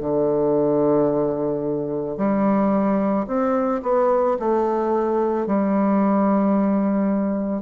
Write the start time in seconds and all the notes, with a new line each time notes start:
0.00 D3
2.17 G3
3.27 C4
3.83 B3
4.39 A3
5.46 G3